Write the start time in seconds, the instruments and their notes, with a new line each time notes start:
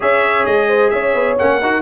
0.00 tuba C#4, trombone G#4, horn C#5, trumpet E5
0.45 tuba G#3, trumpet D#5
0.68 horn C5
0.89 tuba C#4, horn C#5, trumpet E5
1.14 tuba B3
1.38 tuba A#3, trombone C#4, trumpet F#5
1.61 tuba D#4, trombone F#4, horn A#4